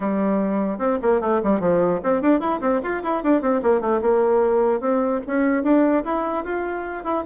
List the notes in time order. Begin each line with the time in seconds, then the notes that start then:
0.00 G3
0.78 C4
1.02 A#3
1.20 A3
1.43 G3
1.60 F3
2.03 C4
2.21 D4
2.40 E4
2.61 C4
2.82 F4
3.03 E4
3.23 D4
3.41 C4
3.62 A#3
3.81 A3
4.01 A#3
4.80 C4
5.27 C#4
5.63 D4
6.04 E4
6.44 F4
7.04 E4